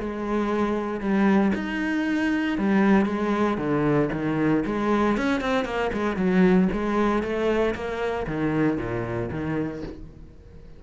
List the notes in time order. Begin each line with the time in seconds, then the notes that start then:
0.00 G#3
1.01 G3
1.55 D#4
2.59 G3
3.06 G#3
3.58 D3
4.13 D#3
4.66 G#3
5.17 C#4
5.41 C4
5.65 A#3
5.93 G#3
6.17 F#3
6.73 G#3
7.23 A3
7.75 A#3
8.27 D#3
8.78 A#2
9.32 D#3